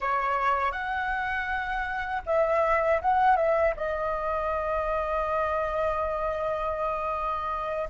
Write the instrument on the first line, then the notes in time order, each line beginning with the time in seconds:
flute
0.00 C#5
0.72 F#5
2.26 E5
3.01 F#5
3.36 E5
3.76 D#5